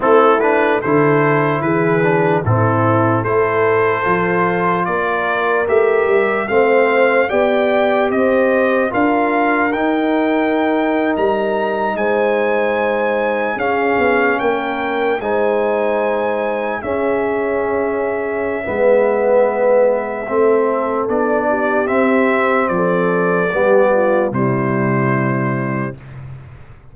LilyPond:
<<
  \new Staff \with { instrumentName = "trumpet" } { \time 4/4 \tempo 4 = 74 a'8 b'8 c''4 b'4 a'4 | c''2 d''4 e''4 | f''4 g''4 dis''4 f''4 | g''4.~ g''16 ais''4 gis''4~ gis''16~ |
gis''8. f''4 g''4 gis''4~ gis''16~ | gis''8. e''2.~ e''16~ | e''2 d''4 e''4 | d''2 c''2 | }
  \new Staff \with { instrumentName = "horn" } { \time 4/4 e'4 a'4 gis'4 e'4 | a'2 ais'2 | c''4 d''4 c''4 ais'4~ | ais'2~ ais'8. c''4~ c''16~ |
c''8. gis'4 ais'4 c''4~ c''16~ | c''8. gis'2~ gis'16 b'4~ | b'4 a'4. g'4. | a'4 g'8 f'8 e'2 | }
  \new Staff \with { instrumentName = "trombone" } { \time 4/4 c'8 d'8 e'4. d'8 c'4 | e'4 f'2 g'4 | c'4 g'2 f'4 | dis'1~ |
dis'8. cis'2 dis'4~ dis'16~ | dis'8. cis'2~ cis'16 b4~ | b4 c'4 d'4 c'4~ | c'4 b4 g2 | }
  \new Staff \with { instrumentName = "tuba" } { \time 4/4 a4 d4 e4 a,4 | a4 f4 ais4 a8 g8 | a4 b4 c'4 d'4 | dis'4.~ dis'16 g4 gis4~ gis16~ |
gis8. cis'8 b8 ais4 gis4~ gis16~ | gis8. cis'2~ cis'16 gis4~ | gis4 a4 b4 c'4 | f4 g4 c2 | }
>>